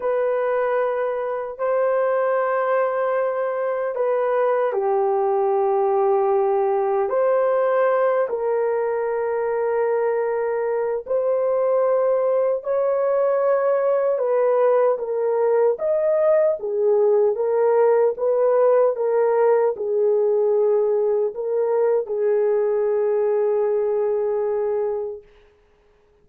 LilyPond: \new Staff \with { instrumentName = "horn" } { \time 4/4 \tempo 4 = 76 b'2 c''2~ | c''4 b'4 g'2~ | g'4 c''4. ais'4.~ | ais'2 c''2 |
cis''2 b'4 ais'4 | dis''4 gis'4 ais'4 b'4 | ais'4 gis'2 ais'4 | gis'1 | }